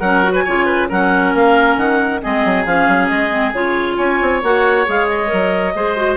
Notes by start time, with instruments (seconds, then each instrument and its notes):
0.00 bassoon F#3, clarinet C#4 F#5, oboe A#4
0.24 clarinet F#4
0.33 oboe B4, clarinet G#5
0.45 bassoon C#3, clarinet F4, oboe C#5
0.66 oboe B4
0.89 bassoon F#3, clarinet C#4 F#5, oboe A#4
1.35 bassoon A#3, clarinet F5
1.77 bassoon D#3, clarinet F#5
2.22 bassoon G#3, clarinet C4 D#5, oboe G#4
2.45 bassoon F#3
2.66 bassoon F3, clarinet C#4 F5
2.88 bassoon F#3
3.09 bassoon G#3, clarinet D#5
3.31 clarinet C4
3.53 bassoon C#3, clarinet F4 C#5
3.97 bassoon C#4, oboe C#5, clarinet G#5
4.22 bassoon C4
4.43 bassoon A#3, clarinet F#4 F#5
4.86 bassoon G#3, clarinet G#4 F5
5.09 clarinet D#5
5.27 bassoon F#3, clarinet A#4
5.75 bassoon G#3, clarinet G#4, oboe C5
5.97 clarinet F#4